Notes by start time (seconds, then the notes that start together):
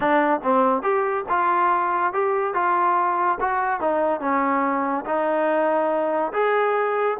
0.00 D4
0.43 C4
0.82 G4
1.29 F4
2.13 G4
2.54 F4
3.40 F#4
3.80 D#4
4.20 C#4
5.05 D#4
6.32 G#4